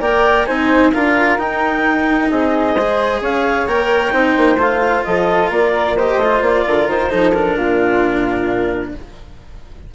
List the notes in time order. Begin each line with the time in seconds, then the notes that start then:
0.00 A#3 A#4 D5 G5
0.46 C4 D#4 C5 G#5
0.93 D4 F4 A#4 F5
1.38 D#4 G5
2.29 C4 G#4 D#5
2.75 G#3 G#4 C5
3.21 C#4 C#5 F5
3.67 A#3 A#4 G5
4.10 C4 D#4 C5
4.37 A#3
4.57 A3 F4 F5
5.04 F3 A4 D#5
5.49 A#3 A#4 D5
5.96 G4 C5 D#5
6.16 A3
6.23 F4
6.41 A#3 D5
6.66 D3 A#4
6.87 D#3 C5
7.10 F3 D#4 A4
7.32 D4 A#4
7.56 A#2 F4